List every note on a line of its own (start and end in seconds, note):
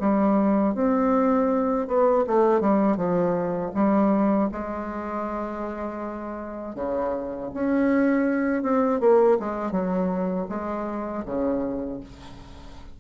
0.00 0.75 G3
0.75 1.87 C4
1.87 2.25 B3
2.27 2.60 A3
2.60 2.97 G3
2.97 3.72 F3
3.75 4.50 G3
4.52 6.75 G#3
6.75 7.50 C#3
7.54 8.62 C#4
8.62 9.00 C4
9.00 9.38 A#3
9.39 9.72 G#3
9.72 10.47 F#3
10.49 11.24 G#3
11.25 12.00 C#3